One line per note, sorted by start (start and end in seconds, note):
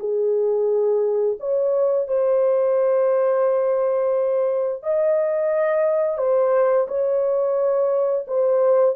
0.00 1.38 G#4
1.40 2.08 C#5
2.08 4.83 C5
4.83 6.18 D#5
6.18 6.87 C5
6.88 8.26 C#5
8.28 8.96 C5